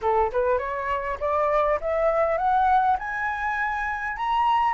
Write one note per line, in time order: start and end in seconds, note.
0.01 0.31 A4
0.31 0.58 B4
0.58 1.17 C#5
1.20 1.79 D5
1.81 2.37 E5
2.37 2.97 F#5
2.99 4.16 G#5
4.16 4.74 A#5